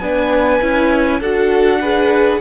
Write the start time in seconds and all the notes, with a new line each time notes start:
0.00 B3 D4 B4 G#5
0.61 C#4 E4
1.20 D4 F#4 A4 F#5
1.80 G#4 B4